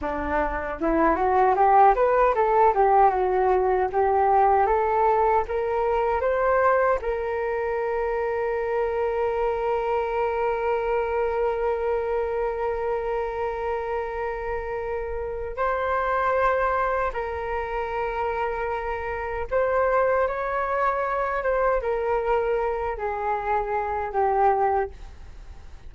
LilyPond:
\new Staff \with { instrumentName = "flute" } { \time 4/4 \tempo 4 = 77 d'4 e'8 fis'8 g'8 b'8 a'8 g'8 | fis'4 g'4 a'4 ais'4 | c''4 ais'2.~ | ais'1~ |
ais'1 | c''2 ais'2~ | ais'4 c''4 cis''4. c''8 | ais'4. gis'4. g'4 | }